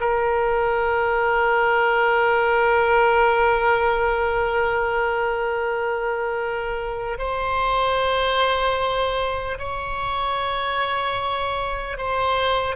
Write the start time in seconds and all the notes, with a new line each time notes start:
0.00 A#4
7.18 C5
9.58 C#5
11.97 C5